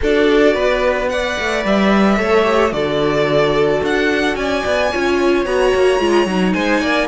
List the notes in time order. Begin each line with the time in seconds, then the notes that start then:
0.01 D4 F#4 A4 D5
0.54 B3 B4
1.08 B4 D5 F#5
1.39 A3
1.65 G3 E5
2.17 A3 A4 C#5
2.42 G4
2.70 D3 F#4 A4 D5
3.82 D4 F#5
4.35 C#4 D5 G#5
4.65 B3
4.91 C#4 F4 C#5
5.45 B3 F#4 A#5
5.74 A#3
5.99 G#3 F4
6.26 F#3 D#4
6.53 G#3 C5 G#5
6.80 A#3 D5